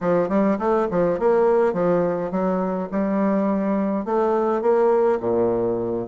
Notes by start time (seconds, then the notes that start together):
0.01 F3
0.28 G3
0.58 A3
0.90 F3
1.19 A#3
1.73 F3
2.31 F#3
2.91 G3
4.05 A3
4.61 A#3
5.20 A#2